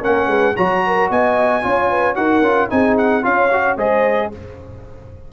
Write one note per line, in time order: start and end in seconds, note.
0.00 0.27 A#3
0.00 0.55 C#4
0.00 0.27 A#4
0.00 0.56 F#5
0.27 0.53 G#3
0.27 0.55 B4
0.56 1.10 F#3
0.56 1.62 F#4
0.56 0.83 C#5
0.56 1.10 A#5
0.86 1.10 A#4
1.10 1.63 B3
1.10 1.63 D#5
1.10 2.15 G#5
1.62 2.17 C#4
1.62 2.15 F4
1.62 1.90 C#5
1.90 2.16 B4
2.15 2.41 D#4
2.15 2.42 F#4
2.15 2.71 A#4
2.15 2.69 F#5
2.41 2.68 C#4
2.41 2.69 F4
2.69 3.24 C4
2.69 3.22 D#4
2.69 3.24 G#4
2.69 2.97 G#5
2.97 3.24 F#5
3.22 3.77 C#4
3.22 3.49 F4
3.22 3.77 C#5
3.22 3.78 F5
3.52 3.78 F#4
3.77 4.30 G#3
3.77 4.31 G#4
3.77 4.30 C5
3.77 4.32 D#5